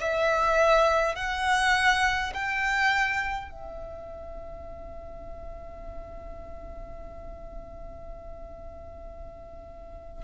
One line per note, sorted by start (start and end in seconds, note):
0.00 1.15 E5
1.15 2.33 F#5
2.34 3.50 G5
3.50 10.24 E5